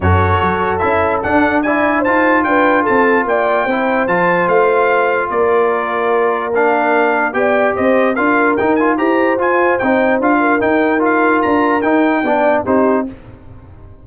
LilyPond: <<
  \new Staff \with { instrumentName = "trumpet" } { \time 4/4 \tempo 4 = 147 cis''2 e''4 fis''4 | gis''4 a''4 g''4 a''4 | g''2 a''4 f''4~ | f''4 d''2. |
f''2 g''4 dis''4 | f''4 g''8 gis''8 ais''4 gis''4 | g''4 f''4 g''4 f''4 | ais''4 g''2 c''4 | }
  \new Staff \with { instrumentName = "horn" } { \time 4/4 a'1 | d''4 c''4 b'4 a'4 | d''4 c''2.~ | c''4 ais'2.~ |
ais'2 d''4 c''4 | ais'2 c''2~ | c''4. ais'2~ ais'8~ | ais'2 d''4 g'4 | }
  \new Staff \with { instrumentName = "trombone" } { \time 4/4 fis'2 e'4 d'4 | e'4 f'2.~ | f'4 e'4 f'2~ | f'1 |
d'2 g'2 | f'4 dis'8 f'8 g'4 f'4 | dis'4 f'4 dis'4 f'4~ | f'4 dis'4 d'4 dis'4 | }
  \new Staff \with { instrumentName = "tuba" } { \time 4/4 fis,4 fis4 cis'4 d'4~ | d'4 dis'4 d'4 c'4 | ais4 c'4 f4 a4~ | a4 ais2.~ |
ais2 b4 c'4 | d'4 dis'4 e'4 f'4 | c'4 d'4 dis'2 | d'4 dis'4 b4 c'4 | }
>>